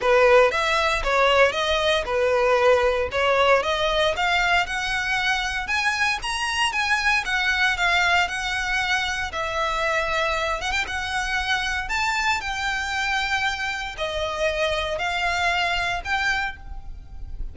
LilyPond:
\new Staff \with { instrumentName = "violin" } { \time 4/4 \tempo 4 = 116 b'4 e''4 cis''4 dis''4 | b'2 cis''4 dis''4 | f''4 fis''2 gis''4 | ais''4 gis''4 fis''4 f''4 |
fis''2 e''2~ | e''8 fis''16 g''16 fis''2 a''4 | g''2. dis''4~ | dis''4 f''2 g''4 | }